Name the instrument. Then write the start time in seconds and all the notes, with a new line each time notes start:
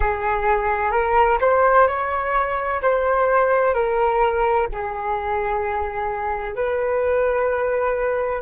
flute
0.00 G#4
0.91 A#4
1.41 C5
1.87 C#5
2.81 C5
3.73 A#4
4.72 G#4
6.55 B4